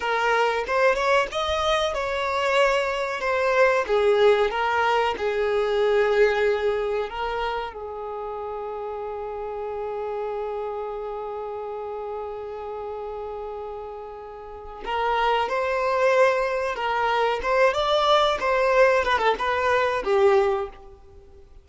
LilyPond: \new Staff \with { instrumentName = "violin" } { \time 4/4 \tempo 4 = 93 ais'4 c''8 cis''8 dis''4 cis''4~ | cis''4 c''4 gis'4 ais'4 | gis'2. ais'4 | gis'1~ |
gis'1~ | gis'2. ais'4 | c''2 ais'4 c''8 d''8~ | d''8 c''4 b'16 a'16 b'4 g'4 | }